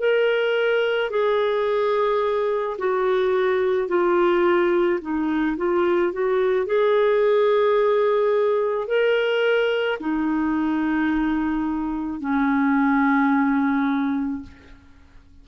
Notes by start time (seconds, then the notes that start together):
0.00 A#4
1.10 G#4
2.78 F#4
3.88 F4
5.01 D#4
5.57 F4
6.13 F#4
6.66 G#4
8.87 A#4
10.00 D#4
12.20 C#4